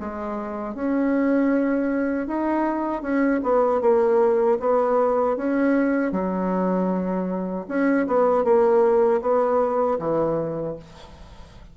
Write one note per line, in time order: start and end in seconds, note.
0.00 0.75 G#3
0.75 2.27 C#4
2.27 3.02 D#4
3.02 3.40 C#4
3.43 3.81 B3
3.81 4.58 A#3
4.60 5.37 B3
5.37 6.12 C#4
6.12 7.66 F#3
7.68 8.07 C#4
8.07 8.44 B3
8.44 9.21 A#3
9.21 9.98 B3
9.99 10.76 E3